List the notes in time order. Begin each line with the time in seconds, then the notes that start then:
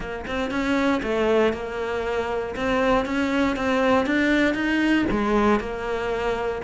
0.00 A#3
0.27 C4
0.50 C#4
1.03 A3
1.53 A#3
2.55 C4
3.05 C#4
3.56 C4
4.06 D4
4.54 D#4
5.11 G#3
5.60 A#3